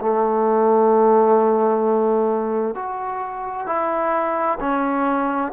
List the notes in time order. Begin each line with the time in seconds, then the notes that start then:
0.00 A3
2.75 F#4
3.66 E4
4.60 C#4